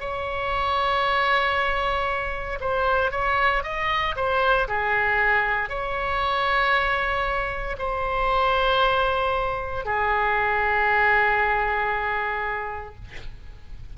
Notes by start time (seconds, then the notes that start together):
0.00 C#5
2.60 C5
3.11 C#5
3.63 D#5
4.16 C5
4.67 G#4
5.69 C#5
7.78 C5
9.85 G#4